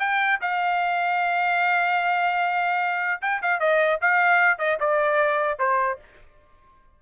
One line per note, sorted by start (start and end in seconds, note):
0.00 0.40 G5
0.42 3.22 F5
3.22 3.42 G5
3.42 3.60 F5
3.60 4.00 D#5
4.02 4.59 F5
4.59 4.79 D#5
4.81 5.59 D5
5.59 5.99 C5